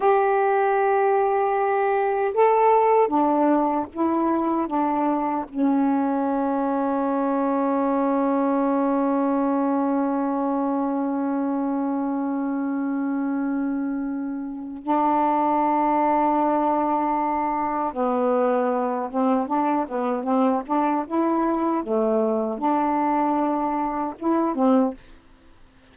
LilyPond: \new Staff \with { instrumentName = "saxophone" } { \time 4/4 \tempo 4 = 77 g'2. a'4 | d'4 e'4 d'4 cis'4~ | cis'1~ | cis'1~ |
cis'2. d'4~ | d'2. b4~ | b8 c'8 d'8 b8 c'8 d'8 e'4 | a4 d'2 e'8 c'8 | }